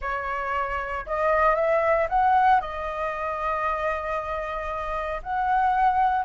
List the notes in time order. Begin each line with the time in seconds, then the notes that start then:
0.01 C#5
1.06 D#5
1.55 E5
2.09 F#5
2.60 D#5
5.22 F#5